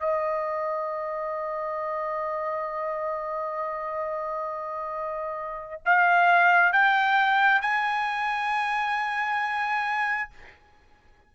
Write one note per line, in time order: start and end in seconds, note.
0.00 5.82 D#5
5.86 6.73 F5
6.73 7.62 G5
7.62 10.30 G#5